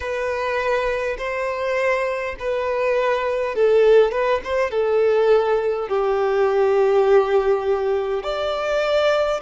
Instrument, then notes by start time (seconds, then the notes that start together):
violin
0.00 B4
1.18 C5
2.39 B4
3.55 A4
4.11 B4
4.44 C5
4.71 A4
5.88 G4
8.23 D5